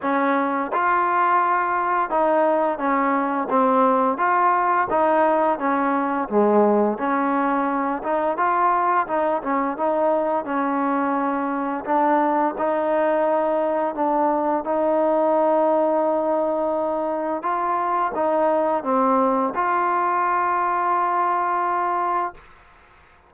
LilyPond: \new Staff \with { instrumentName = "trombone" } { \time 4/4 \tempo 4 = 86 cis'4 f'2 dis'4 | cis'4 c'4 f'4 dis'4 | cis'4 gis4 cis'4. dis'8 | f'4 dis'8 cis'8 dis'4 cis'4~ |
cis'4 d'4 dis'2 | d'4 dis'2.~ | dis'4 f'4 dis'4 c'4 | f'1 | }